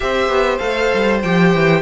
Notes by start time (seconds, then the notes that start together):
0.00 C4 G4 C5 E5
0.28 B3
0.58 A3 A4 F5
0.94 G3
1.22 F3 G4 G5
1.54 E3